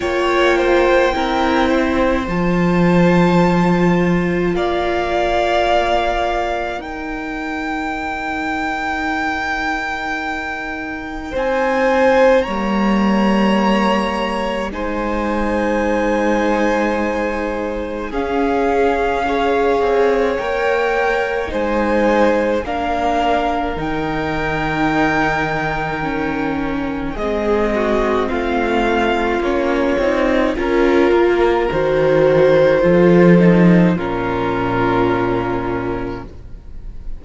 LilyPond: <<
  \new Staff \with { instrumentName = "violin" } { \time 4/4 \tempo 4 = 53 g''2 a''2 | f''2 g''2~ | g''2 gis''4 ais''4~ | ais''4 gis''2. |
f''2 g''4 gis''4 | f''4 g''2. | dis''4 f''4 cis''4 ais'4 | c''2 ais'2 | }
  \new Staff \with { instrumentName = "violin" } { \time 4/4 cis''8 c''8 ais'8 c''2~ c''8 | d''2 ais'2~ | ais'2 c''4 cis''4~ | cis''4 c''2. |
gis'4 cis''2 c''4 | ais'1 | gis'8 fis'8 f'2 ais'4~ | ais'4 a'4 f'2 | }
  \new Staff \with { instrumentName = "viola" } { \time 4/4 f'4 e'4 f'2~ | f'2 dis'2~ | dis'2. ais4~ | ais4 dis'2. |
cis'4 gis'4 ais'4 dis'4 | d'4 dis'2 cis'4 | c'2 cis'8 dis'8 f'4 | fis'4 f'8 dis'8 cis'2 | }
  \new Staff \with { instrumentName = "cello" } { \time 4/4 ais4 c'4 f2 | ais2 dis'2~ | dis'2 c'4 g4~ | g4 gis2. |
cis'4. c'8 ais4 gis4 | ais4 dis2. | gis4 a4 ais8 c'8 cis'8 ais8 | dis4 f4 ais,2 | }
>>